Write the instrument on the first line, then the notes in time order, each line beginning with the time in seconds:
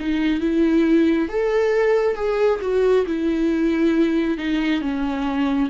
viola
0.00 D#4
0.41 E4
1.29 A4
2.16 G#4
2.61 F#4
3.06 E4
4.38 D#4
4.82 C#4